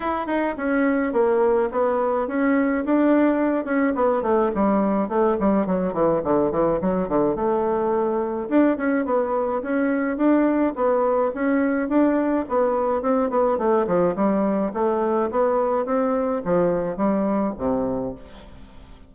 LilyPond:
\new Staff \with { instrumentName = "bassoon" } { \time 4/4 \tempo 4 = 106 e'8 dis'8 cis'4 ais4 b4 | cis'4 d'4. cis'8 b8 a8 | g4 a8 g8 fis8 e8 d8 e8 | fis8 d8 a2 d'8 cis'8 |
b4 cis'4 d'4 b4 | cis'4 d'4 b4 c'8 b8 | a8 f8 g4 a4 b4 | c'4 f4 g4 c4 | }